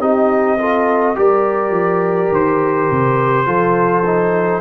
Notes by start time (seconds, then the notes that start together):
0.00 C4 D#4 G4 D#5
0.59 F4 A4
1.15 G3 G4 A#4 D5
1.71 F3
2.31 D#3 C5
2.90 C3
3.46 F3 F4 A4
4.05 D#4